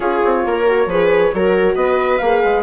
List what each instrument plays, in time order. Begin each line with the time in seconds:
0.00 bassoon C#4, horn F4, viola G#4, flute C#5
0.24 bassoon C4
0.45 bassoon A#3, viola A#4
0.67 horn F#4
0.85 bassoon F3, horn G#4, viola B4
1.33 bassoon F#3, horn F#4, viola A#4
1.75 bassoon B3, viola B4, flute D#5
2.18 bassoon A#3, horn G#4, flute F5
2.44 bassoon G#3